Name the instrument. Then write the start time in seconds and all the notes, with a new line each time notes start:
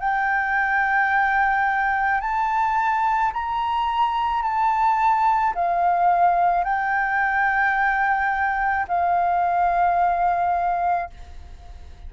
flute
0.00 G5
2.21 A5
3.33 A#5
4.42 A5
5.55 F5
6.64 G5
8.88 F5